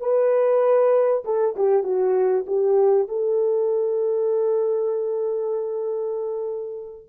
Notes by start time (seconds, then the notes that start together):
0.00 B4
1.25 A4
1.56 G4
1.83 F#4
2.46 G4
3.08 A4